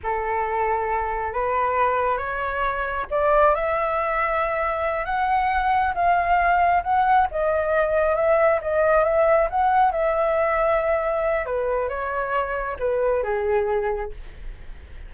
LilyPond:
\new Staff \with { instrumentName = "flute" } { \time 4/4 \tempo 4 = 136 a'2. b'4~ | b'4 cis''2 d''4 | e''2.~ e''8 fis''8~ | fis''4. f''2 fis''8~ |
fis''8 dis''2 e''4 dis''8~ | dis''8 e''4 fis''4 e''4.~ | e''2 b'4 cis''4~ | cis''4 b'4 gis'2 | }